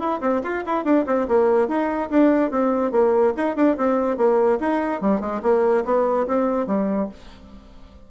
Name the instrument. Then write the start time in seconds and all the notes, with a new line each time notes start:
bassoon
0.00 E4
0.21 C4
0.43 F4
0.66 E4
0.85 D4
1.07 C4
1.28 A#3
1.68 D#4
2.10 D4
2.51 C4
2.92 A#3
3.37 D#4
3.56 D4
3.77 C4
4.17 A#3
4.60 D#4
5.02 G3
5.21 G#3
5.43 A#3
5.85 B3
6.27 C4
6.67 G3